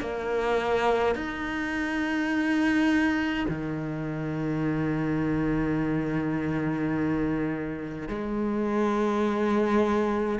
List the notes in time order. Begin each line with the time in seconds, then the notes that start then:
0.00 A#3
1.15 D#4
3.49 D#3
8.08 G#3